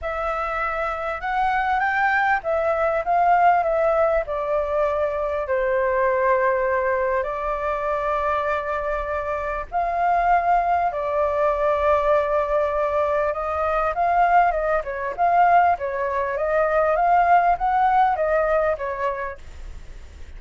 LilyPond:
\new Staff \with { instrumentName = "flute" } { \time 4/4 \tempo 4 = 99 e''2 fis''4 g''4 | e''4 f''4 e''4 d''4~ | d''4 c''2. | d''1 |
f''2 d''2~ | d''2 dis''4 f''4 | dis''8 cis''8 f''4 cis''4 dis''4 | f''4 fis''4 dis''4 cis''4 | }